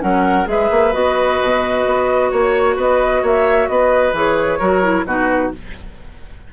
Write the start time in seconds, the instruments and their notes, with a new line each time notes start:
0.00 bassoon F#3, clarinet C#4, oboe A#4, flute F#5
0.45 bassoon G#3, clarinet G#4, flute E5
0.51 oboe B4
0.71 bassoon A#3
0.92 bassoon B3, clarinet F#4, flute D#5
1.42 bassoon B2
1.86 bassoon B3
2.30 bassoon A#3, oboe C#5, flute C#5
2.76 bassoon B3, oboe B4, flute D#5
3.22 bassoon A#3, oboe C#5, flute E5
3.68 bassoon B3, oboe B4, flute D#5
4.12 bassoon E3, clarinet G#4, flute C#5
4.58 bassoon F#3, clarinet F#4, oboe A#4
4.82 clarinet E4
5.05 bassoon B2, clarinet D#4, oboe F#4, flute B4